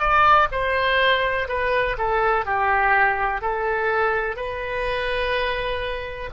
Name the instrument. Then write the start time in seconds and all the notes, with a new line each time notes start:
oboe
0.00 D5
0.52 C5
1.49 B4
1.98 A4
2.46 G4
3.42 A4
4.36 B4